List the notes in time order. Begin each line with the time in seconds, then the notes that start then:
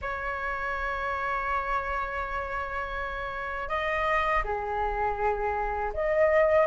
0.01 C#5
3.68 D#5
4.44 G#4
5.93 D#5